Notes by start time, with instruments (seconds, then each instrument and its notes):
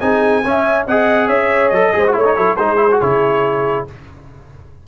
0.00 tuba C4, trombone D#4, horn G#4, trumpet G#5
0.45 tuba C#4, trombone C#4, horn E5
0.87 tuba C4, trombone G#4, horn D#5, trumpet F#5
1.27 tuba C#4, horn C#5, trumpet E5
1.69 tuba F#3, trombone A4, trumpet D#5
1.94 tuba G#3, trombone G#4, horn C5
2.07 trombone F#4
2.13 tuba A3, trombone E4, horn C#5, trumpet C#5
2.24 trombone D#4
2.36 tuba F#3, trombone E4, horn A4
2.56 tuba G#3, trombone D#4, horn G#4, trumpet C5
2.77 trombone E4
2.91 trombone F#4
3.01 tuba C#3, trombone E4, trumpet C#5